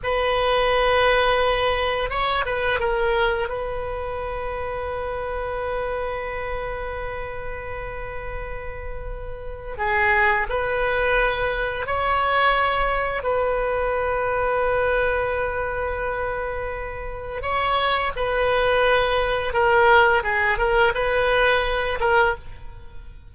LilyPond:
\new Staff \with { instrumentName = "oboe" } { \time 4/4 \tempo 4 = 86 b'2. cis''8 b'8 | ais'4 b'2.~ | b'1~ | b'2 gis'4 b'4~ |
b'4 cis''2 b'4~ | b'1~ | b'4 cis''4 b'2 | ais'4 gis'8 ais'8 b'4. ais'8 | }